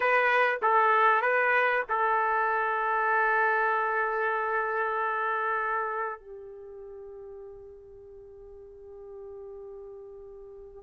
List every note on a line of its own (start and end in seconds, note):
0.00 0.59 B4
0.62 1.21 A4
1.21 1.83 B4
1.89 6.20 A4
6.20 10.83 G4